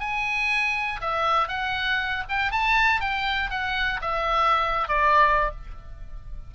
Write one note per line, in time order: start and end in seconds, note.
0.00 1.01 G#5
1.01 1.48 E5
1.48 2.24 F#5
2.29 2.52 G5
2.52 3.01 A5
3.01 3.50 G5
3.50 4.01 F#5
4.02 4.88 E5
4.88 5.51 D5